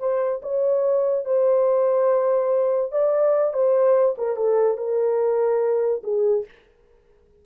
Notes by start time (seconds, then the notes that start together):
0.00 C5
0.43 C#5
1.26 C5
2.92 D5
3.54 C5
4.18 A#4
4.37 A4
4.78 A#4
6.04 G#4